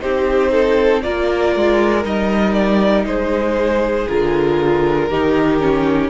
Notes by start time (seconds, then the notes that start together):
0.00 C4 D#4 G4 C5
0.52 A4
1.02 A#3 F4 A#4 D5
1.56 G#3
2.03 G3 D#4 D#5
2.54 D5
3.05 G#3 G#4 C5
4.09 D3 F4 A#4
5.10 D#3 D#4 G4
5.60 C#4